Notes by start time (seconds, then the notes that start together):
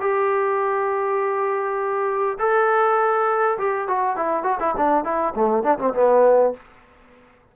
0.00 G4
2.39 A4
3.58 G4
3.88 F#4
4.16 E4
4.43 F#4
4.60 E4
4.77 D4
5.04 E4
5.35 A3
5.63 D4
5.79 C4
5.94 B3